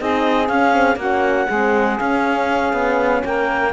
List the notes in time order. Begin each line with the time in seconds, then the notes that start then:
0.00 C4 D#4 G#4 D#5
0.48 C#4 F5
0.73 C4
0.96 A#3 C#4 F#4 F#5
1.48 G#3 C4 G#4
1.99 C#4 F5
2.73 B3
3.25 A#3 A#4 G5